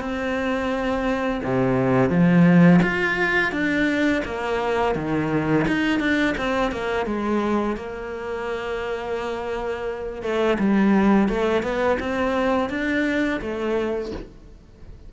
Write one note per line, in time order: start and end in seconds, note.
0.00 1.41 C4
1.44 2.10 C3
2.10 2.80 F3
2.82 3.52 F4
3.52 4.23 D4
4.24 4.95 A#3
4.95 5.66 D#3
5.68 5.99 D#4
5.99 6.35 D4
6.38 6.72 C4
6.72 7.06 A#3
7.06 7.76 G#3
7.76 10.22 A#3
10.22 10.58 A3
10.59 11.28 G3
11.28 11.63 A3
11.63 11.98 B3
11.99 12.70 C4
12.70 13.40 D4
13.41 14.11 A3